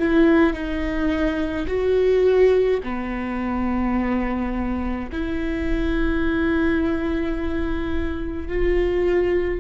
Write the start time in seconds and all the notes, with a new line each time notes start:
0.00 E4
0.54 D#4
1.68 F#4
2.84 B3
5.13 E4
8.49 F4